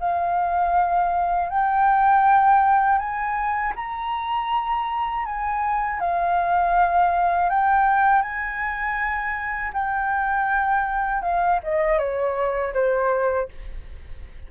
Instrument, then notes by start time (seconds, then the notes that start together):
flute
0.00 F5
1.49 G5
2.99 G#5
3.76 A#5
5.25 G#5
6.00 F5
7.50 G5
8.22 G#5
9.74 G5
11.22 F5
11.64 D#5
11.99 C#5
12.74 C5